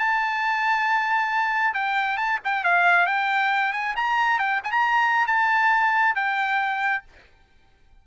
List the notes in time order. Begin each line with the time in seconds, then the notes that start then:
0.00 A5
1.75 G5
2.18 A5
2.45 G5
2.65 F5
3.07 G5
3.73 G#5
3.97 A#5
4.39 G5
4.64 G#5
4.72 A#5
5.27 A5
6.16 G5